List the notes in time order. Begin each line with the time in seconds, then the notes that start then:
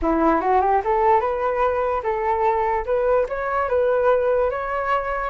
0.02 E4
0.40 F#4
0.61 G4
0.84 A4
1.20 B4
2.03 A4
2.85 B4
3.29 C#5
3.68 B4
4.50 C#5